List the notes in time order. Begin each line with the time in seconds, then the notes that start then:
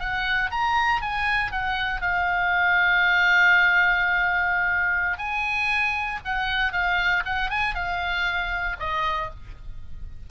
0.00 F#5
0.51 A#5
1.02 G#5
1.52 F#5
2.02 F5
5.19 G#5
6.25 F#5
6.73 F5
7.26 F#5
7.51 G#5
7.75 F5
8.80 D#5